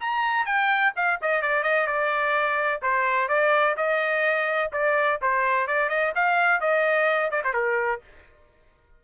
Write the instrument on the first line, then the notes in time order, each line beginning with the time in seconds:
trumpet
0.00 A#5
0.46 G5
0.96 F5
1.22 D#5
1.42 D5
1.63 D#5
1.87 D5
2.82 C5
3.29 D5
3.77 D#5
4.73 D5
5.22 C5
5.67 D5
5.89 D#5
6.15 F5
6.60 D#5
7.31 D5
7.44 C5
7.54 A#4